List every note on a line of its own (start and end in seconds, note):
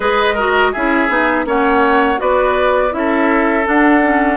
0.00 0.73 G#3
0.00 0.35 G#4
0.00 0.34 B4
0.00 0.73 D#5
0.34 0.74 F#4
0.34 0.71 A#4
0.72 1.09 C#4
0.72 1.08 E4
0.72 1.45 G#4
0.72 1.46 E5
1.08 1.45 B3
1.08 1.45 D#4
1.45 2.18 A#3
1.45 2.16 C#4
1.45 2.20 C#5
1.45 2.20 F#5
2.16 2.93 B3
2.16 2.90 F#4
2.16 2.93 B4
2.16 2.93 D5
2.91 3.66 C#4
2.91 3.64 E4
2.91 3.66 E5
2.97 4.37 A4
3.64 4.00 D4
3.64 4.37 D4
3.64 4.37 F#5
4.02 4.37 C#4